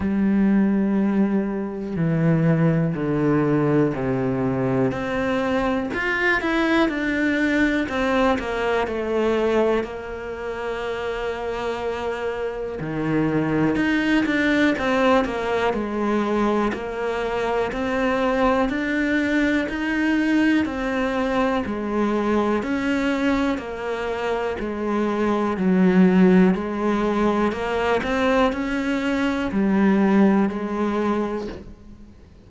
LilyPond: \new Staff \with { instrumentName = "cello" } { \time 4/4 \tempo 4 = 61 g2 e4 d4 | c4 c'4 f'8 e'8 d'4 | c'8 ais8 a4 ais2~ | ais4 dis4 dis'8 d'8 c'8 ais8 |
gis4 ais4 c'4 d'4 | dis'4 c'4 gis4 cis'4 | ais4 gis4 fis4 gis4 | ais8 c'8 cis'4 g4 gis4 | }